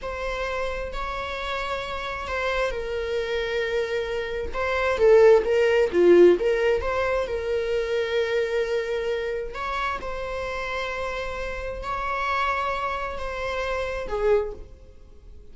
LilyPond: \new Staff \with { instrumentName = "viola" } { \time 4/4 \tempo 4 = 132 c''2 cis''2~ | cis''4 c''4 ais'2~ | ais'2 c''4 a'4 | ais'4 f'4 ais'4 c''4 |
ais'1~ | ais'4 cis''4 c''2~ | c''2 cis''2~ | cis''4 c''2 gis'4 | }